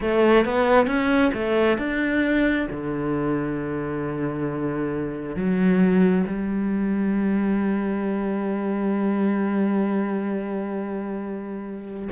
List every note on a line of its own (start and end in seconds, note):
0.00 0.45 A3
0.45 0.86 B3
0.86 1.31 C#4
1.33 1.78 A3
1.78 2.67 D4
2.70 5.36 D3
5.36 6.25 F#3
6.26 12.08 G3